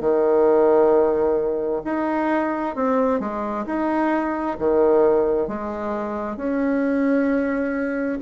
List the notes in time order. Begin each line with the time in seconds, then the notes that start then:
0.00 D#3
1.84 D#4
2.75 C4
3.20 G#3
3.66 D#4
4.59 D#3
5.48 G#3
6.36 C#4